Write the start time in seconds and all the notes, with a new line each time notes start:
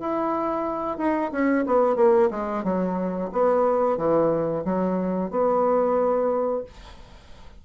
0.00 E4
0.98 D#4
1.32 C#4
1.66 B3
1.96 A#3
2.31 G#3
2.64 F#3
3.32 B3
3.98 E3
4.65 F#3
5.31 B3